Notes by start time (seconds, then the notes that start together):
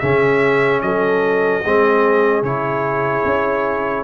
0.00 C#3 C#4 G#4 E5
0.82 F#3 A4 D#5
1.64 G#3 C4 G#4
2.43 C#3 E4 C#5
3.25 C#4